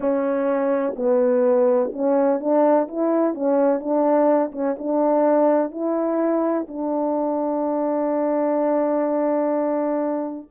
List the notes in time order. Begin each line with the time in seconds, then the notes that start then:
0.00 C#4
0.95 B3
1.93 C#4
2.40 D4
2.87 E4
3.34 C#4
3.80 D4
4.52 C#4
4.78 D4
5.71 E4
6.68 D4